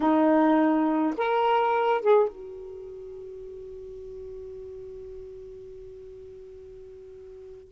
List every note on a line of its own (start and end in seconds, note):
0.00 1.14 D#4
1.17 2.01 A#4
2.01 2.29 G#4
2.29 7.71 F#4